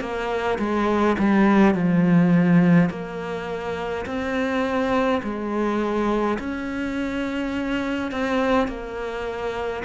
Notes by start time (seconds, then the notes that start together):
0.00 A#3
0.58 G#3
1.18 G3
1.75 F3
2.90 A#3
4.06 C4
5.23 G#3
6.39 C#4
8.11 C4
8.67 A#3